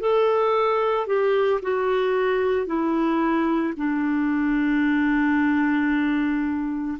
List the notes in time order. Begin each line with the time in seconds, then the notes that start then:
0.00 A4
1.07 G4
1.62 F#4
2.66 E4
3.76 D4